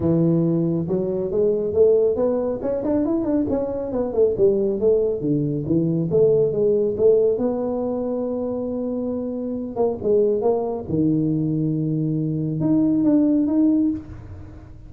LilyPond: \new Staff \with { instrumentName = "tuba" } { \time 4/4 \tempo 4 = 138 e2 fis4 gis4 | a4 b4 cis'8 d'8 e'8 d'8 | cis'4 b8 a8 g4 a4 | d4 e4 a4 gis4 |
a4 b2.~ | b2~ b8 ais8 gis4 | ais4 dis2.~ | dis4 dis'4 d'4 dis'4 | }